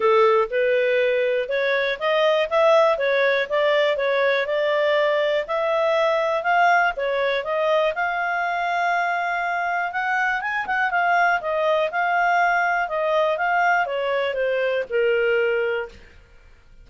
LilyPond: \new Staff \with { instrumentName = "clarinet" } { \time 4/4 \tempo 4 = 121 a'4 b'2 cis''4 | dis''4 e''4 cis''4 d''4 | cis''4 d''2 e''4~ | e''4 f''4 cis''4 dis''4 |
f''1 | fis''4 gis''8 fis''8 f''4 dis''4 | f''2 dis''4 f''4 | cis''4 c''4 ais'2 | }